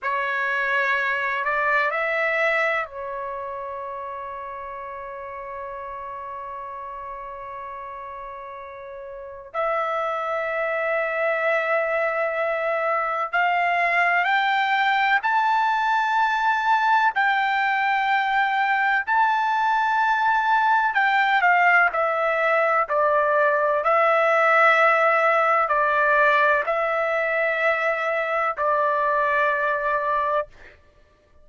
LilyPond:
\new Staff \with { instrumentName = "trumpet" } { \time 4/4 \tempo 4 = 63 cis''4. d''8 e''4 cis''4~ | cis''1~ | cis''2 e''2~ | e''2 f''4 g''4 |
a''2 g''2 | a''2 g''8 f''8 e''4 | d''4 e''2 d''4 | e''2 d''2 | }